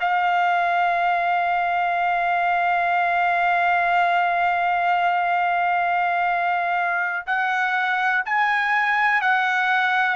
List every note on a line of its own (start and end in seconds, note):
0.00 7.26 F5
7.26 8.23 F#5
8.25 9.21 G#5
9.21 10.15 F#5